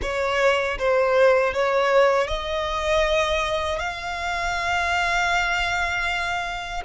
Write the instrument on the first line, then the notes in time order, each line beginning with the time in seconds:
violin
0.02 C#5
0.78 C5
1.53 C#5
2.28 D#5
3.79 F5